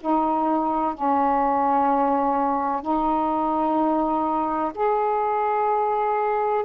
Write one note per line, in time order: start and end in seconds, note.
0.00 0.94 D#4
0.94 2.81 C#4
2.81 4.72 D#4
4.74 6.65 G#4